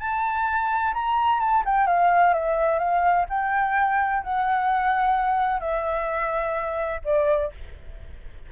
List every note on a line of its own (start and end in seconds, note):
0.00 0.94 A5
0.94 1.40 A#5
1.40 1.64 A5
1.66 1.87 G5
1.87 2.34 F5
2.34 2.79 E5
2.79 3.26 F5
3.30 4.24 G5
4.24 5.60 F#5
5.60 7.01 E5
7.05 7.52 D5